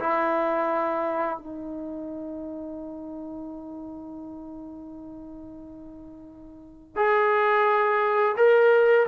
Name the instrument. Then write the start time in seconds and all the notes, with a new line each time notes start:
trombone
0.00 E4
1.38 D#4
6.96 G#4
8.37 A#4